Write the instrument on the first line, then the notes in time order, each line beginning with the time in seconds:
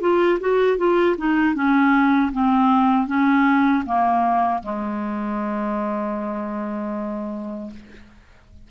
clarinet
0.00 F4
0.40 F#4
0.77 F4
1.17 D#4
1.54 C#4
2.32 C4
3.07 C#4
3.85 A#3
4.63 G#3